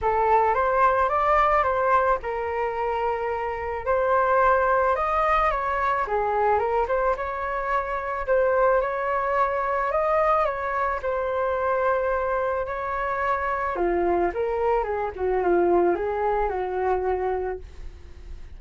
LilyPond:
\new Staff \with { instrumentName = "flute" } { \time 4/4 \tempo 4 = 109 a'4 c''4 d''4 c''4 | ais'2. c''4~ | c''4 dis''4 cis''4 gis'4 | ais'8 c''8 cis''2 c''4 |
cis''2 dis''4 cis''4 | c''2. cis''4~ | cis''4 f'4 ais'4 gis'8 fis'8 | f'4 gis'4 fis'2 | }